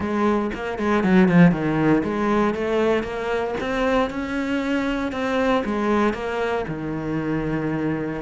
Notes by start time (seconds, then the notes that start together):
0.00 G#3
0.54 A#3
0.78 G#3
1.03 F#3
1.28 F3
1.51 D#3
2.03 G#3
2.54 A3
3.03 A#3
3.60 C4
4.10 C#4
5.11 C4
5.65 G#3
6.13 A#3
6.68 D#3